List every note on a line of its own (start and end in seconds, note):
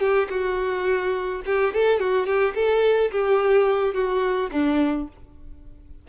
0.00 0.28 G4
0.30 1.42 F#4
1.46 1.74 G4
1.74 2.00 A4
2.00 2.26 F#4
2.26 2.54 G4
2.55 3.11 A4
3.11 3.94 G4
3.94 4.50 F#4
4.52 5.08 D4